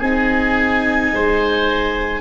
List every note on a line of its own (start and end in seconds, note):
0.00 1.13 C4
0.00 2.21 D#4
0.00 1.11 G#4
0.00 2.21 G#5
1.13 2.21 G#3
1.13 2.21 C5